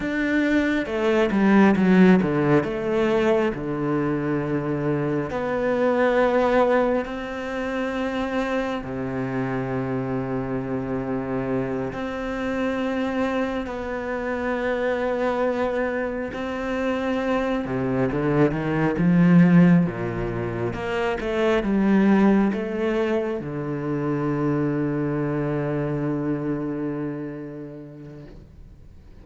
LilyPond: \new Staff \with { instrumentName = "cello" } { \time 4/4 \tempo 4 = 68 d'4 a8 g8 fis8 d8 a4 | d2 b2 | c'2 c2~ | c4. c'2 b8~ |
b2~ b8 c'4. | c8 d8 dis8 f4 ais,4 ais8 | a8 g4 a4 d4.~ | d1 | }